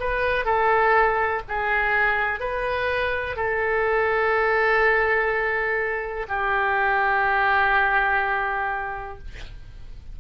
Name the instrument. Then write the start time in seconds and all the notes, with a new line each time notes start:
oboe
0.00 B4
0.45 A4
1.49 G#4
2.40 B4
3.37 A4
6.28 G4